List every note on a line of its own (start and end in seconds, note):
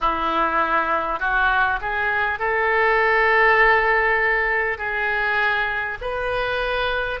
0.01 1.19 E4
1.19 1.79 F#4
1.81 2.39 G#4
2.39 4.78 A4
4.78 5.98 G#4
6.01 7.20 B4